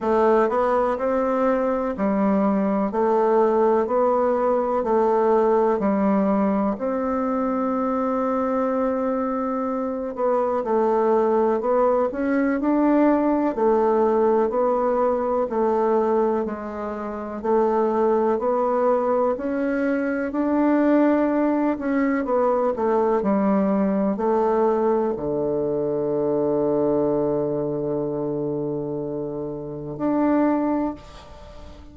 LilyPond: \new Staff \with { instrumentName = "bassoon" } { \time 4/4 \tempo 4 = 62 a8 b8 c'4 g4 a4 | b4 a4 g4 c'4~ | c'2~ c'8 b8 a4 | b8 cis'8 d'4 a4 b4 |
a4 gis4 a4 b4 | cis'4 d'4. cis'8 b8 a8 | g4 a4 d2~ | d2. d'4 | }